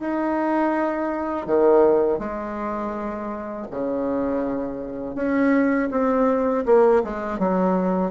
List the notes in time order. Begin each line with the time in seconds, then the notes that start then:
0.00 D#4
1.46 D#3
2.19 G#3
3.71 C#3
5.15 C#4
5.91 C4
6.66 A#3
7.04 G#3
7.39 F#3